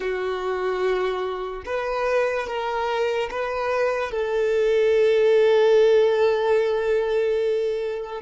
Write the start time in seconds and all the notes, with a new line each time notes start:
0.00 F#4
1.65 B4
2.47 A#4
3.30 B4
4.11 A4